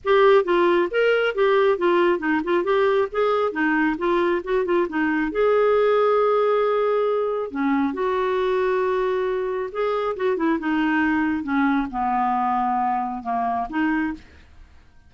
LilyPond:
\new Staff \with { instrumentName = "clarinet" } { \time 4/4 \tempo 4 = 136 g'4 f'4 ais'4 g'4 | f'4 dis'8 f'8 g'4 gis'4 | dis'4 f'4 fis'8 f'8 dis'4 | gis'1~ |
gis'4 cis'4 fis'2~ | fis'2 gis'4 fis'8 e'8 | dis'2 cis'4 b4~ | b2 ais4 dis'4 | }